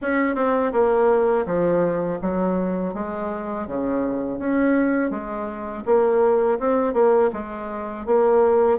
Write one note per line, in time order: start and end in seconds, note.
0.01 0.35 C#4
0.35 0.72 C4
0.72 1.45 A#3
1.46 2.19 F3
2.21 2.94 F#3
2.94 3.67 G#3
3.67 4.38 C#3
4.38 5.10 C#4
5.10 5.83 G#3
5.85 6.59 A#3
6.59 6.93 C4
6.93 7.30 A#3
7.32 8.06 G#3
8.06 8.78 A#3